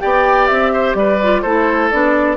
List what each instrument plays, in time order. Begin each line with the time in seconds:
0.00 bassoon B3, clarinet G4, oboe D5, flute G5
0.47 bassoon C4, flute E5
0.73 oboe C5
0.95 bassoon G3, oboe B4, flute D5
1.23 clarinet F4
1.42 bassoon A3, clarinet E4, oboe A4, flute C5
1.91 bassoon B3, clarinet D4, flute D5